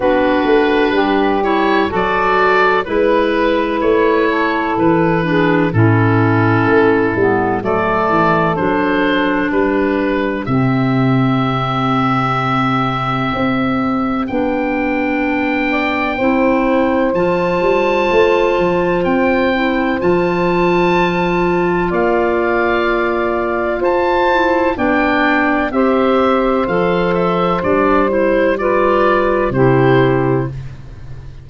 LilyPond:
<<
  \new Staff \with { instrumentName = "oboe" } { \time 4/4 \tempo 4 = 63 b'4. cis''8 d''4 b'4 | cis''4 b'4 a'2 | d''4 c''4 b'4 e''4~ | e''2. g''4~ |
g''2 a''2 | g''4 a''2 f''4~ | f''4 a''4 g''4 e''4 | f''8 e''8 d''8 c''8 d''4 c''4 | }
  \new Staff \with { instrumentName = "saxophone" } { \time 4/4 fis'4 g'4 a'4 b'4~ | b'8 a'4 gis'8 e'2 | a'2 g'2~ | g'1~ |
g'8 d''8 c''2.~ | c''2. d''4~ | d''4 c''4 d''4 c''4~ | c''2 b'4 g'4 | }
  \new Staff \with { instrumentName = "clarinet" } { \time 4/4 d'4. e'8 fis'4 e'4~ | e'4. d'8 cis'4. b8 | a4 d'2 c'4~ | c'2. d'4~ |
d'4 e'4 f'2~ | f'8 e'8 f'2.~ | f'4. e'8 d'4 g'4 | a'4 d'8 e'8 f'4 e'4 | }
  \new Staff \with { instrumentName = "tuba" } { \time 4/4 b8 a8 g4 fis4 gis4 | a4 e4 a,4 a8 g8 | fis8 e8 fis4 g4 c4~ | c2 c'4 b4~ |
b4 c'4 f8 g8 a8 f8 | c'4 f2 ais4~ | ais4 f'4 b4 c'4 | f4 g2 c4 | }
>>